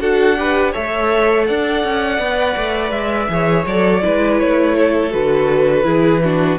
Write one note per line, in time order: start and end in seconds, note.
0.00 0.73 D4
0.00 0.37 F#4
0.00 0.37 A4
0.00 0.73 F#5
0.37 0.74 G4
0.37 0.72 B4
0.72 1.49 A3
0.72 2.20 A4
0.72 1.46 C#5
0.72 1.46 E5
1.46 1.84 D4
1.46 3.30 D5
1.46 2.91 F#5
1.84 2.19 C#4
2.19 2.55 B3
2.19 3.30 B4
2.56 2.91 A3
2.91 3.28 G#3
2.91 3.64 E5
3.29 3.65 E3
3.29 3.66 G#4
3.29 4.04 C#5
3.67 4.04 F#3
3.67 4.01 A4
3.67 4.40 D5
4.01 4.42 G#3
4.01 5.10 E4
4.01 4.77 B4
4.40 5.14 A3
4.40 5.13 C#5
4.78 5.86 A4
5.10 5.85 D3
5.10 5.83 F#4
5.10 6.59 B4
5.83 6.58 E3
5.83 6.20 E4
5.83 6.23 G#4
6.24 6.59 D4
6.24 6.59 F#4